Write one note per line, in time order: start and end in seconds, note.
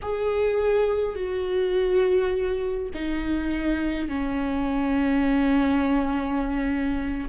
0.02 1.15 G#4
1.15 2.89 F#4
2.94 4.08 D#4
4.08 7.28 C#4